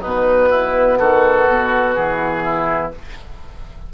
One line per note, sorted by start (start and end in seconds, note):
0.00 1.00 B2
0.00 2.92 B3
0.00 0.48 D#4
0.00 0.98 B4
0.50 0.98 E4
0.98 1.47 D#3
0.98 2.44 F#4
0.98 1.95 A4
1.47 1.96 B2
1.95 2.93 E3
1.95 2.92 G#4
2.44 2.92 E4